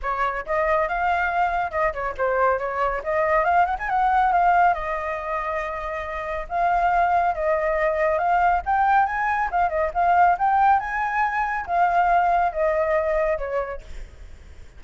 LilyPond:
\new Staff \with { instrumentName = "flute" } { \time 4/4 \tempo 4 = 139 cis''4 dis''4 f''2 | dis''8 cis''8 c''4 cis''4 dis''4 | f''8 fis''16 gis''16 fis''4 f''4 dis''4~ | dis''2. f''4~ |
f''4 dis''2 f''4 | g''4 gis''4 f''8 dis''8 f''4 | g''4 gis''2 f''4~ | f''4 dis''2 cis''4 | }